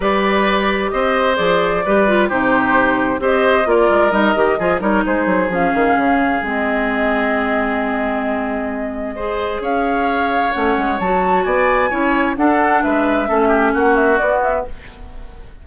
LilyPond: <<
  \new Staff \with { instrumentName = "flute" } { \time 4/4 \tempo 4 = 131 d''2 dis''4 d''4~ | d''4 c''2 dis''4 | d''4 dis''4. cis''8 c''4 | f''2 dis''2~ |
dis''1~ | dis''4 f''2 fis''4 | a''4 gis''2 fis''4 | e''2 fis''8 e''8 d''8 e''8 | }
  \new Staff \with { instrumentName = "oboe" } { \time 4/4 b'2 c''2 | b'4 g'2 c''4 | ais'2 gis'8 ais'8 gis'4~ | gis'1~ |
gis'1 | c''4 cis''2.~ | cis''4 d''4 cis''4 a'4 | b'4 a'8 g'8 fis'2 | }
  \new Staff \with { instrumentName = "clarinet" } { \time 4/4 g'2. gis'4 | g'8 f'8 dis'2 g'4 | f'4 dis'8 g'8 f'8 dis'4. | cis'2 c'2~ |
c'1 | gis'2. cis'4 | fis'2 e'4 d'4~ | d'4 cis'2 b4 | }
  \new Staff \with { instrumentName = "bassoon" } { \time 4/4 g2 c'4 f4 | g4 c2 c'4 | ais8 gis8 g8 dis8 f8 g8 gis8 fis8 | f8 dis8 cis4 gis2~ |
gis1~ | gis4 cis'2 a8 gis8 | fis4 b4 cis'4 d'4 | gis4 a4 ais4 b4 | }
>>